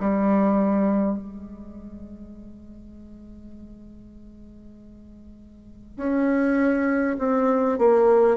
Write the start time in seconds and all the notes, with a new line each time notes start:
0.00 G3
1.18 G#3
5.97 C#4
7.18 C4
7.78 A#3